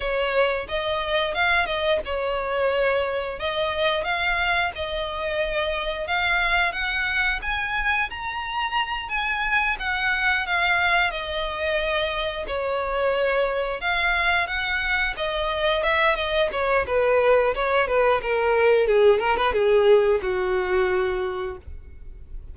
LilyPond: \new Staff \with { instrumentName = "violin" } { \time 4/4 \tempo 4 = 89 cis''4 dis''4 f''8 dis''8 cis''4~ | cis''4 dis''4 f''4 dis''4~ | dis''4 f''4 fis''4 gis''4 | ais''4. gis''4 fis''4 f''8~ |
f''8 dis''2 cis''4.~ | cis''8 f''4 fis''4 dis''4 e''8 | dis''8 cis''8 b'4 cis''8 b'8 ais'4 | gis'8 ais'16 b'16 gis'4 fis'2 | }